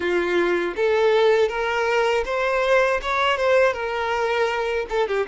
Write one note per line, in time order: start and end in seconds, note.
0.00 0.74 F4
0.76 1.48 A4
1.48 2.23 A#4
2.25 3.00 C5
3.02 3.37 C#5
3.37 3.73 C5
3.73 4.85 A#4
4.89 5.07 A4
5.07 5.26 G4